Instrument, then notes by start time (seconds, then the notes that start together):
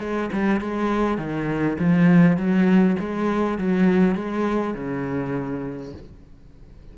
cello
0.00 G#3
0.32 G3
0.60 G#3
1.18 D#3
1.79 F3
2.37 F#3
2.99 G#3
3.58 F#3
4.15 G#3
4.74 C#3